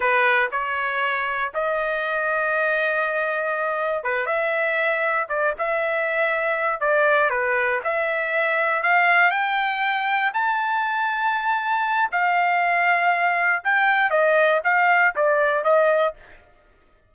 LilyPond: \new Staff \with { instrumentName = "trumpet" } { \time 4/4 \tempo 4 = 119 b'4 cis''2 dis''4~ | dis''1 | b'8 e''2 d''8 e''4~ | e''4. d''4 b'4 e''8~ |
e''4. f''4 g''4.~ | g''8 a''2.~ a''8 | f''2. g''4 | dis''4 f''4 d''4 dis''4 | }